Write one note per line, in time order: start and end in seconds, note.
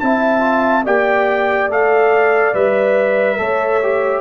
0.00 0.86 C4
0.00 0.40 E4
0.00 0.85 E5
0.00 0.85 A5
0.40 0.82 F4
0.85 1.69 A#3
0.85 1.70 G4
0.85 3.39 D5
0.85 1.71 G5
1.69 2.53 A3
1.69 2.54 A4
1.69 2.54 F5
2.54 3.39 G3
2.54 3.38 B4
2.54 4.21 E5
3.38 4.21 A3
3.38 3.80 A4
3.38 4.21 C#5
3.83 4.21 G4